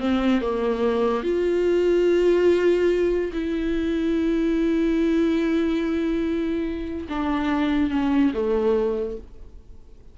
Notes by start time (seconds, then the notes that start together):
0.00 C4
0.41 A#3
1.23 F4
3.33 E4
7.09 D4
7.91 C#4
8.34 A3